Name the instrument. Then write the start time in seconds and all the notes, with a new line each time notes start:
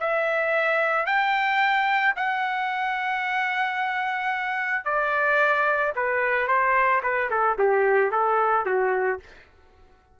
trumpet
0.00 E5
1.06 G5
2.16 F#5
4.85 D5
5.96 B4
6.48 C5
7.03 B4
7.30 A4
7.58 G4
8.12 A4
8.66 F#4